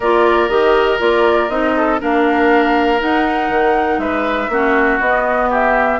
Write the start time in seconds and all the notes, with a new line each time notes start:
0.00 A#3 F4 A#4 D5
0.49 D#3 G4 D#5
0.98 A#3 F4 D5
1.49 C4 D#4 D#5
1.76 A4
1.99 A#3 D4 A#4 F5
2.99 D#4 F#5
3.49 D#3
3.98 G#3 B4 E5
4.48 A#3 C#4 F#4
5.00 B3 D#5
5.49 G4 E5